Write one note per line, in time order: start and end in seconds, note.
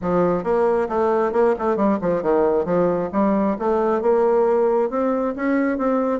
0.01 0.43 F3
0.43 0.88 A#3
0.88 1.32 A3
1.32 1.54 A#3
1.59 1.76 A3
1.76 1.98 G3
2.01 2.22 F3
2.22 2.65 D#3
2.65 3.09 F3
3.12 3.56 G3
3.58 4.01 A3
4.01 4.90 A#3
4.90 5.34 C4
5.36 5.77 C#4
5.77 6.20 C4